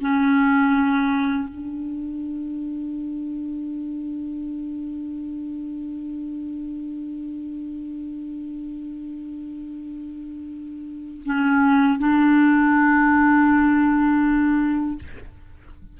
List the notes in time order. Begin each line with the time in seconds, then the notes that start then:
0.00 C#4
1.48 D4
11.25 C#4
11.98 D4